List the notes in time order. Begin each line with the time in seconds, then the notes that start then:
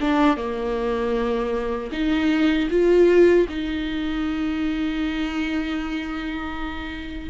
0.00 D4
0.36 A#3
1.92 D#4
2.70 F4
3.49 D#4